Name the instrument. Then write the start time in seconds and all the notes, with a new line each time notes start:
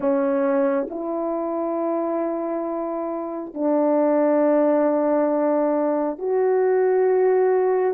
horn
0.00 C#4
0.89 E4
3.54 D4
6.18 F#4